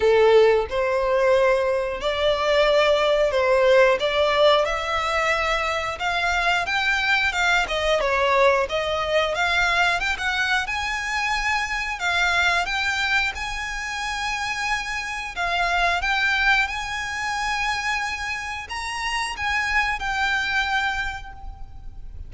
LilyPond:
\new Staff \with { instrumentName = "violin" } { \time 4/4 \tempo 4 = 90 a'4 c''2 d''4~ | d''4 c''4 d''4 e''4~ | e''4 f''4 g''4 f''8 dis''8 | cis''4 dis''4 f''4 g''16 fis''8. |
gis''2 f''4 g''4 | gis''2. f''4 | g''4 gis''2. | ais''4 gis''4 g''2 | }